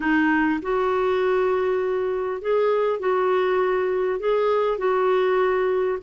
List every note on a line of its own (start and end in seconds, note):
0.00 0.60 D#4
0.62 2.41 F#4
2.41 2.99 G#4
2.99 4.19 F#4
4.19 4.78 G#4
4.78 5.98 F#4